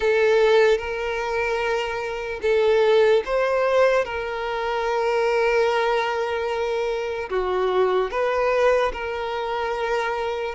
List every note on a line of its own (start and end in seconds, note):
0.00 0.77 A4
0.77 2.40 A#4
2.42 3.23 A4
3.25 4.05 C5
4.05 7.29 A#4
7.29 8.10 F#4
8.10 8.92 B4
8.92 10.54 A#4